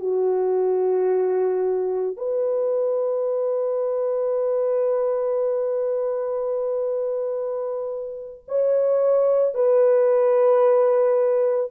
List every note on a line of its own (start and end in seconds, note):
0.00 2.17 F#4
2.17 8.44 B4
8.48 9.55 C#5
9.55 11.71 B4